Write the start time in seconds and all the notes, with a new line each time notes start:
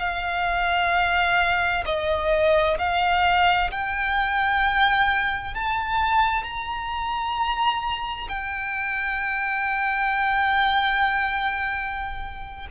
0.00 F5
1.86 D#5
2.79 F5
3.72 G5
5.55 A5
6.44 A#5
8.29 G5